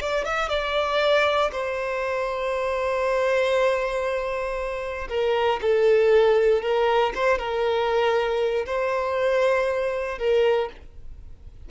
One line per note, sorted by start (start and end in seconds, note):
0.00 0.24 D5
0.24 0.49 E5
0.49 1.50 D5
1.52 5.08 C5
5.09 5.60 A#4
5.61 6.61 A4
6.61 7.12 A#4
7.15 7.38 C5
7.38 8.65 A#4
8.65 10.18 C5
10.18 10.69 A#4